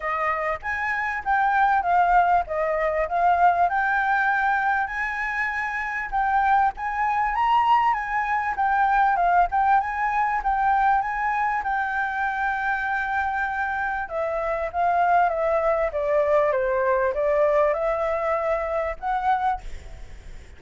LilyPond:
\new Staff \with { instrumentName = "flute" } { \time 4/4 \tempo 4 = 98 dis''4 gis''4 g''4 f''4 | dis''4 f''4 g''2 | gis''2 g''4 gis''4 | ais''4 gis''4 g''4 f''8 g''8 |
gis''4 g''4 gis''4 g''4~ | g''2. e''4 | f''4 e''4 d''4 c''4 | d''4 e''2 fis''4 | }